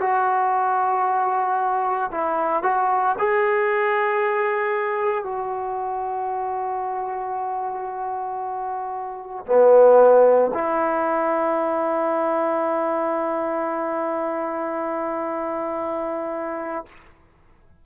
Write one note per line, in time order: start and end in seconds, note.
0.00 2.11 F#4
2.11 2.63 E4
2.63 3.15 F#4
3.18 5.24 G#4
5.24 9.45 F#4
9.46 10.52 B3
10.54 16.85 E4